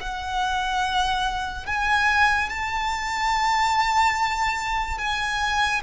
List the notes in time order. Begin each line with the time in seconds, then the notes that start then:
0.00 F#5
1.66 G#5
2.49 A5
4.98 G#5